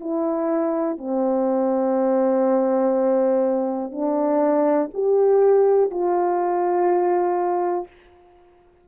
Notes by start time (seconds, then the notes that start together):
0.00 E4
0.98 C4
3.91 D4
4.94 G4
5.90 F4